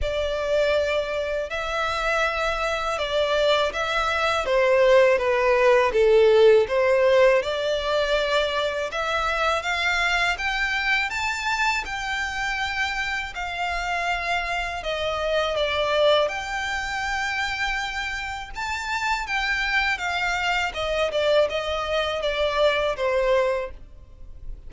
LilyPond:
\new Staff \with { instrumentName = "violin" } { \time 4/4 \tempo 4 = 81 d''2 e''2 | d''4 e''4 c''4 b'4 | a'4 c''4 d''2 | e''4 f''4 g''4 a''4 |
g''2 f''2 | dis''4 d''4 g''2~ | g''4 a''4 g''4 f''4 | dis''8 d''8 dis''4 d''4 c''4 | }